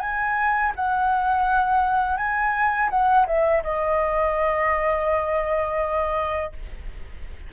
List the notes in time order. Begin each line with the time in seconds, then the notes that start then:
0.00 G#5
0.75 F#5
2.17 G#5
2.90 F#5
3.27 E5
3.63 D#5